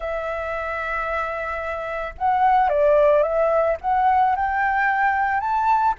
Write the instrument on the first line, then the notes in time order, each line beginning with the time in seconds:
flute
0.00 E5
2.18 F#5
2.69 D5
3.23 E5
3.81 F#5
4.35 G5
5.40 A5